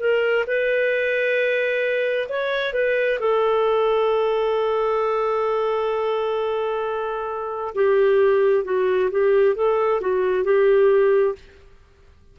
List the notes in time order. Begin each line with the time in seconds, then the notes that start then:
0.00 A#4
0.47 B4
2.29 C#5
2.74 B4
3.20 A4
7.75 G4
8.65 F#4
9.12 G4
9.56 A4
10.02 F#4
10.45 G4